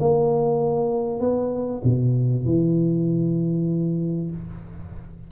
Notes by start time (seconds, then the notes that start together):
0.00 A#3
1.20 B3
1.84 B2
2.45 E3